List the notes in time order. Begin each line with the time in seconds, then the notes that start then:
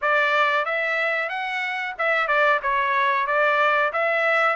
0.01 D5
0.65 E5
1.29 F#5
1.98 E5
2.27 D5
2.62 C#5
3.26 D5
3.92 E5